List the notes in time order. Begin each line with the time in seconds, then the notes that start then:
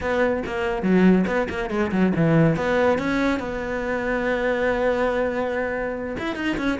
0.00 B3
0.46 A#3
0.82 F#3
1.26 B3
1.49 A#3
1.70 G#3
1.91 F#3
2.15 E3
2.56 B3
2.98 C#4
3.39 B3
6.18 E4
6.35 D#4
6.57 C#4